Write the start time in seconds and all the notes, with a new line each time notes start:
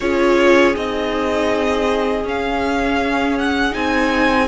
0.00 C#4 F4 G#4 C#5
0.74 C4 D#4 D#5
2.24 C#4 F5
3.38 F#5
3.71 C4 D#4 G#5